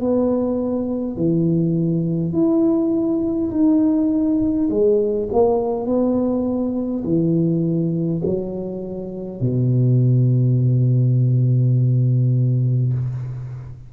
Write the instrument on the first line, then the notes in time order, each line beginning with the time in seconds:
tuba
0.00 B3
1.17 E3
2.33 E4
3.51 D#4
4.70 G#3
5.32 A#3
5.86 B3
7.04 E3
8.25 F#3
9.40 B2